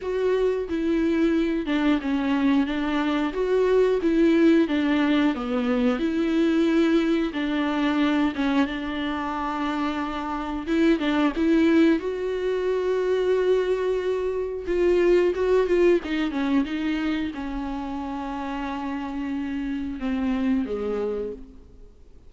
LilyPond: \new Staff \with { instrumentName = "viola" } { \time 4/4 \tempo 4 = 90 fis'4 e'4. d'8 cis'4 | d'4 fis'4 e'4 d'4 | b4 e'2 d'4~ | d'8 cis'8 d'2. |
e'8 d'8 e'4 fis'2~ | fis'2 f'4 fis'8 f'8 | dis'8 cis'8 dis'4 cis'2~ | cis'2 c'4 gis4 | }